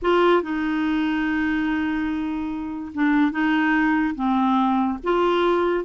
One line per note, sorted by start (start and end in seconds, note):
0.02 0.42 F4
0.42 2.92 D#4
2.94 3.31 D4
3.31 4.15 D#4
4.15 4.98 C4
5.03 5.84 F4